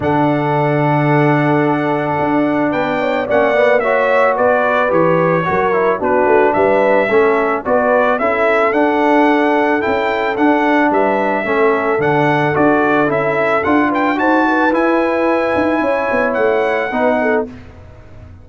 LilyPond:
<<
  \new Staff \with { instrumentName = "trumpet" } { \time 4/4 \tempo 4 = 110 fis''1~ | fis''4 g''4 fis''4 e''4 | d''4 cis''2 b'4 | e''2 d''4 e''4 |
fis''2 g''4 fis''4 | e''2 fis''4 d''4 | e''4 fis''8 g''8 a''4 gis''4~ | gis''2 fis''2 | }
  \new Staff \with { instrumentName = "horn" } { \time 4/4 a'1~ | a'4 b'8 cis''8 d''4 cis''4 | b'2 ais'4 fis'4 | b'4 a'4 b'4 a'4~ |
a'1 | b'4 a'2.~ | a'4. b'8 c''8 b'4.~ | b'4 cis''2 b'8 a'8 | }
  \new Staff \with { instrumentName = "trombone" } { \time 4/4 d'1~ | d'2 cis'8 b8 fis'4~ | fis'4 g'4 fis'8 e'8 d'4~ | d'4 cis'4 fis'4 e'4 |
d'2 e'4 d'4~ | d'4 cis'4 d'4 fis'4 | e'4 f'4 fis'4 e'4~ | e'2. dis'4 | }
  \new Staff \with { instrumentName = "tuba" } { \time 4/4 d1 | d'4 b4 ais2 | b4 e4 fis4 b8 a8 | g4 a4 b4 cis'4 |
d'2 cis'4 d'4 | g4 a4 d4 d'4 | cis'4 d'4 dis'4 e'4~ | e'8 dis'8 cis'8 b8 a4 b4 | }
>>